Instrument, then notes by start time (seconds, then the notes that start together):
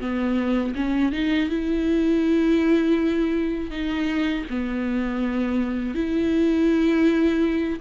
viola
0.00 B3
0.75 C#4
1.12 D#4
1.49 E4
3.70 D#4
4.50 B3
5.95 E4